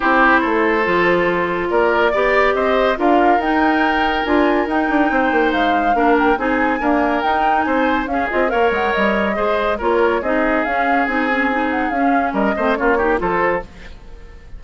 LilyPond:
<<
  \new Staff \with { instrumentName = "flute" } { \time 4/4 \tempo 4 = 141 c''1 | d''2 dis''4 f''4 | g''2 gis''4 g''4~ | g''4 f''4. g''8 gis''4~ |
gis''4 g''4 gis''4 f''8 dis''8 | f''8 fis''8 dis''2 cis''4 | dis''4 f''4 gis''4. fis''8 | f''4 dis''4 cis''4 c''4 | }
  \new Staff \with { instrumentName = "oboe" } { \time 4/4 g'4 a'2. | ais'4 d''4 c''4 ais'4~ | ais'1 | c''2 ais'4 gis'4 |
ais'2 c''4 gis'4 | cis''2 c''4 ais'4 | gis'1~ | gis'4 ais'8 c''8 f'8 g'8 a'4 | }
  \new Staff \with { instrumentName = "clarinet" } { \time 4/4 e'2 f'2~ | f'4 g'2 f'4 | dis'2 f'4 dis'4~ | dis'2 d'4 dis'4 |
ais4 dis'2 cis'8 f'8 | ais'2 gis'4 f'4 | dis'4 cis'4 dis'8 cis'8 dis'4 | cis'4. c'8 cis'8 dis'8 f'4 | }
  \new Staff \with { instrumentName = "bassoon" } { \time 4/4 c'4 a4 f2 | ais4 b4 c'4 d'4 | dis'2 d'4 dis'8 d'8 | c'8 ais8 gis4 ais4 c'4 |
d'4 dis'4 c'4 cis'8 c'8 | ais8 gis8 g4 gis4 ais4 | c'4 cis'4 c'2 | cis'4 g8 a8 ais4 f4 | }
>>